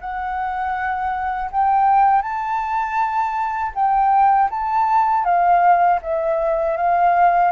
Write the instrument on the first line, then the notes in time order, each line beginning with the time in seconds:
flute
0.00 F#5
1.51 G5
2.22 A5
3.74 G5
4.50 A5
5.24 F5
6.02 E5
6.76 F5